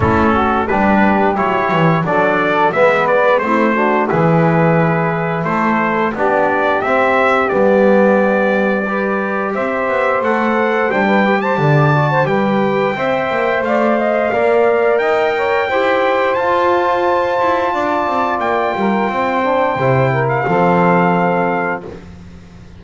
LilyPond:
<<
  \new Staff \with { instrumentName = "trumpet" } { \time 4/4 \tempo 4 = 88 a'4 b'4 cis''4 d''4 | e''8 d''8 c''4 b'2 | c''4 d''4 e''4 d''4~ | d''2 e''4 fis''4 |
g''8. a''4~ a''16 g''2 | f''2 g''2 | a''2. g''4~ | g''4.~ g''16 f''2~ f''16 | }
  \new Staff \with { instrumentName = "saxophone" } { \time 4/4 e'8 fis'8 g'2 a'4 | b'4 e'8 fis'8 gis'2 | a'4 g'2.~ | g'4 b'4 c''2~ |
c''16 b'8 c''16 d''8. c''16 b'4 e''4 | d''8 dis''8 d''4 dis''8 cis''8 c''4~ | c''2 d''4. ais'8 | c''4. ais'8 a'2 | }
  \new Staff \with { instrumentName = "trombone" } { \time 4/4 cis'4 d'4 e'4 d'4 | b4 c'8 d'8 e'2~ | e'4 d'4 c'4 b4~ | b4 g'2 a'4 |
d'8 g'4 fis'8 g'4 c''4~ | c''4 ais'2 g'4 | f'1~ | f'8 d'8 e'4 c'2 | }
  \new Staff \with { instrumentName = "double bass" } { \time 4/4 a4 g4 fis8 e8 fis4 | gis4 a4 e2 | a4 b4 c'4 g4~ | g2 c'8 b8 a4 |
g4 d4 g4 c'8 ais8 | a4 ais4 dis'4 e'4 | f'4. e'8 d'8 c'8 ais8 g8 | c'4 c4 f2 | }
>>